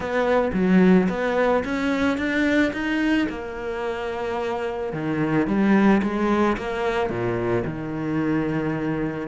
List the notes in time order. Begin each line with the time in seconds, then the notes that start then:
0.00 B3
0.53 F#3
1.09 B3
1.64 C#4
2.17 D4
2.72 D#4
3.29 A#3
4.92 D#3
5.47 G3
6.02 G#3
6.57 A#3
7.09 A#2
7.64 D#3